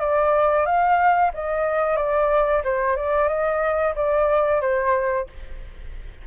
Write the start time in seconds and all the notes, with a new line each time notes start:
0.00 D5
0.66 F5
1.34 D#5
1.97 D5
2.64 C5
2.96 D5
3.28 D#5
3.96 D5
4.61 C5